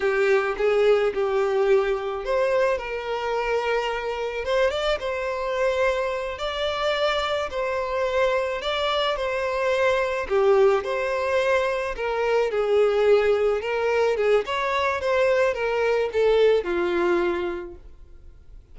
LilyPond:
\new Staff \with { instrumentName = "violin" } { \time 4/4 \tempo 4 = 108 g'4 gis'4 g'2 | c''4 ais'2. | c''8 d''8 c''2~ c''8 d''8~ | d''4. c''2 d''8~ |
d''8 c''2 g'4 c''8~ | c''4. ais'4 gis'4.~ | gis'8 ais'4 gis'8 cis''4 c''4 | ais'4 a'4 f'2 | }